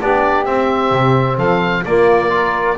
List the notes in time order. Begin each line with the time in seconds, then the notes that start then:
0.00 B3 D4 G4 D5
0.45 C4 E5
0.91 C3
1.36 F3 A4 F5
1.84 A#3 F4 D5
2.30 F4 A#4